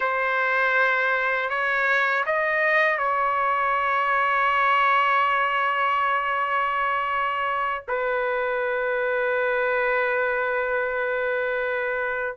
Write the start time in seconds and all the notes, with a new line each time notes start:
0.00 C5
1.49 C#5
2.25 D#5
2.98 C#5
7.88 B4